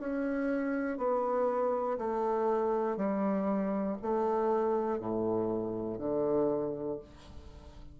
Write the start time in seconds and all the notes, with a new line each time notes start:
0.00 C#4
0.98 B3
1.98 A3
2.97 G3
4.02 A3
5.00 A2
5.99 D3